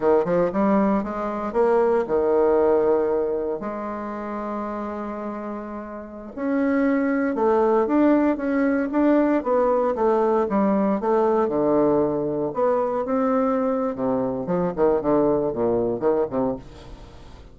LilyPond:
\new Staff \with { instrumentName = "bassoon" } { \time 4/4 \tempo 4 = 116 dis8 f8 g4 gis4 ais4 | dis2. gis4~ | gis1~ | gis16 cis'2 a4 d'8.~ |
d'16 cis'4 d'4 b4 a8.~ | a16 g4 a4 d4.~ d16~ | d16 b4 c'4.~ c'16 c4 | f8 dis8 d4 ais,4 dis8 c8 | }